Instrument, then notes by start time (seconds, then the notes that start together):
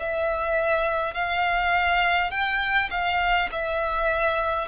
violin
0.00 E5
1.14 F5
2.31 G5
2.90 F5
3.52 E5